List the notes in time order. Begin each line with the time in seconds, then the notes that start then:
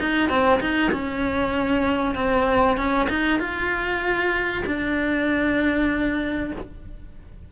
0.00 D#4
0.30 C4
0.61 D#4
0.92 C#4
2.15 C4
2.78 C#4
3.10 D#4
3.40 F4
4.67 D4